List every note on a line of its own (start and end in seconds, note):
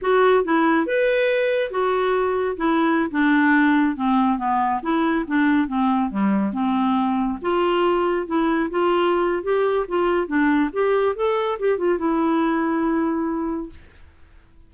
0.01 0.44 F#4
0.44 0.86 E4
0.86 1.70 B4
1.70 2.56 F#4
2.56 3.10 E4
3.11 3.96 D4
3.96 4.37 C4
4.37 4.80 B3
4.82 5.25 E4
5.27 5.67 D4
5.67 6.10 C4
6.10 6.53 G3
6.53 7.38 C4
7.41 8.27 F4
8.27 8.69 E4
8.70 9.43 F4
9.43 9.86 G4
9.88 10.27 F4
10.27 10.70 D4
10.72 11.15 G4
11.15 11.58 A4
11.59 11.77 G4
11.77 11.98 F4
11.98 13.69 E4